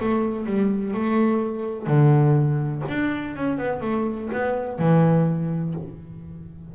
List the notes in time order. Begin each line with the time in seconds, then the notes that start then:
0.00 A3
0.46 G3
0.94 A3
1.87 D3
2.89 D4
3.36 C#4
3.58 B3
3.81 A3
4.33 B3
4.79 E3